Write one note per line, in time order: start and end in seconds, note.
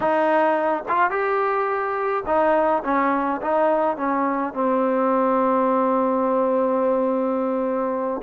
0.00 0.83 D#4
0.88 1.10 F4
1.10 2.23 G4
2.26 2.83 D#4
2.84 3.40 C#4
3.41 3.96 D#4
3.96 4.53 C#4
4.53 8.21 C4